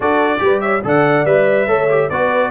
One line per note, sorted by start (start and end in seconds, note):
0.00 0.40 D4
0.00 0.38 F#4
0.00 0.41 A4
0.00 0.61 D5
0.38 0.83 G3
0.38 0.80 G4
0.38 0.62 B4
0.61 0.83 C#5
0.61 0.82 E5
0.84 1.25 D3
0.84 1.25 A4
0.84 1.67 D5
0.84 1.25 F#5
1.25 1.67 G3
1.25 1.67 B4
1.25 2.09 E5
1.67 2.09 A3
1.67 1.88 A4
1.67 2.09 C#5
1.89 2.10 G4
2.09 2.50 B3
2.09 2.50 F#4
2.09 2.50 B4
2.09 2.50 D5